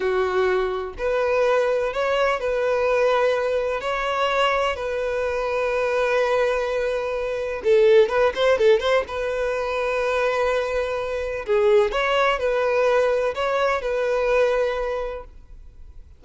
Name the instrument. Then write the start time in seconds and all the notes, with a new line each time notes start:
violin
0.00 F#4
0.98 B4
1.93 C#5
2.40 B4
3.80 C#5
4.76 B4
7.63 A4
8.08 B4
8.35 C5
8.58 A4
8.79 C5
9.07 B4
11.46 G#4
11.91 C#5
12.39 B4
13.34 C#5
13.81 B4